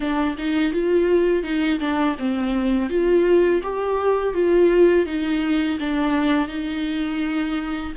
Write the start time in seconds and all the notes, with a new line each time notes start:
0.00 D4
0.37 D#4
0.73 F4
1.43 D#4
1.79 D4
2.18 C4
2.89 F4
3.62 G4
4.34 F4
5.06 D#4
5.79 D4
6.48 D#4